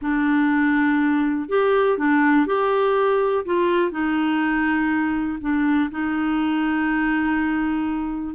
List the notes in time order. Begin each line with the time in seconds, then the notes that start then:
0.01 D4
1.48 G4
1.98 D4
2.46 G4
3.45 F4
3.91 D#4
5.40 D4
5.90 D#4